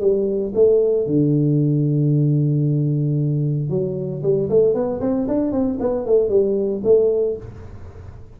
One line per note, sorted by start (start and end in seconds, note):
0.00 0.53 G3
0.54 1.06 A3
1.06 3.69 D3
3.69 4.22 F#3
4.22 4.49 G3
4.49 4.74 A3
4.74 5.00 B3
5.00 5.27 C4
5.28 5.51 D4
5.51 5.78 C4
5.79 6.06 B3
6.06 6.29 A3
6.29 6.82 G3
6.84 7.36 A3